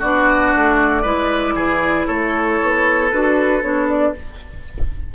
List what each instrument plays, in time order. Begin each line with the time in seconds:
0.00 bassoon B3, clarinet D4, oboe F#4, flute D5
0.55 bassoon A3
1.02 bassoon G#3, clarinet E4, oboe B4
1.55 bassoon E3, oboe G#4
2.07 bassoon A3, oboe A4, flute C#5
2.62 bassoon B3
3.12 bassoon D4, clarinet F#4, flute B4
3.62 bassoon B3, clarinet D4, flute C#5
3.89 flute D5